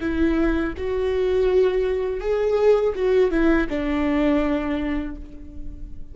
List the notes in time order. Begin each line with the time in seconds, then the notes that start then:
0.00 E4
0.77 F#4
2.20 G#4
2.95 F#4
3.30 E4
3.69 D4